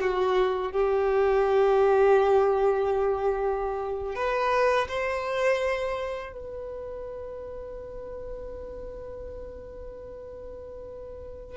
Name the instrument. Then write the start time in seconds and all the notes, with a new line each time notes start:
violin
0.00 F#4
0.72 G4
4.15 B4
4.88 C5
6.32 B4